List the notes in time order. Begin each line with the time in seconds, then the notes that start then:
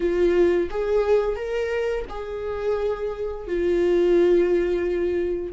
0.00 F4
0.70 G#4
1.36 A#4
2.09 G#4
3.47 F4